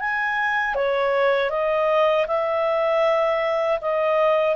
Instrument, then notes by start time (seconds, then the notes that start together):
clarinet
0.00 G#5
0.75 C#5
1.51 D#5
2.28 E5
3.81 D#5